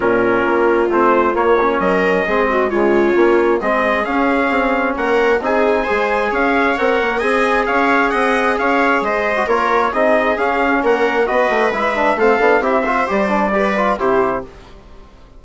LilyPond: <<
  \new Staff \with { instrumentName = "trumpet" } { \time 4/4 \tempo 4 = 133 ais'2 c''4 cis''4 | dis''2 cis''2 | dis''4 f''2 fis''4 | gis''2 f''4 fis''4 |
gis''4 f''4 fis''4 f''4 | dis''4 cis''4 dis''4 f''4 | fis''4 dis''4 e''4 f''4 | e''4 d''2 c''4 | }
  \new Staff \with { instrumentName = "viola" } { \time 4/4 f'1 | ais'4 gis'8 fis'8 f'2 | gis'2. ais'4 | gis'4 c''4 cis''2 |
dis''4 cis''4 dis''4 cis''4 | c''4 ais'4 gis'2 | ais'4 b'2 a'4 | g'8 c''4. b'4 g'4 | }
  \new Staff \with { instrumentName = "trombone" } { \time 4/4 cis'2 c'4 ais8 cis'8~ | cis'4 c'4 gis4 cis'4 | c'4 cis'2. | dis'4 gis'2 ais'4 |
gis'1~ | gis'8. fis'16 f'4 dis'4 cis'4~ | cis'4 fis'4 e'8 d'8 c'8 d'8 | e'8 f'8 g'8 d'8 g'8 f'8 e'4 | }
  \new Staff \with { instrumentName = "bassoon" } { \time 4/4 ais,4 ais4 a4 ais4 | fis4 gis4 cis4 ais4 | gis4 cis'4 c'4 ais4 | c'4 gis4 cis'4 c'8 ais8 |
c'4 cis'4 c'4 cis'4 | gis4 ais4 c'4 cis'4 | ais4 b8 a8 gis4 a8 b8 | c'4 g2 c4 | }
>>